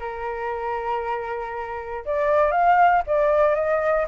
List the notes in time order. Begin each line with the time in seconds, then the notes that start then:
0.00 A#4
2.06 D5
2.52 F5
3.07 D5
3.55 D#5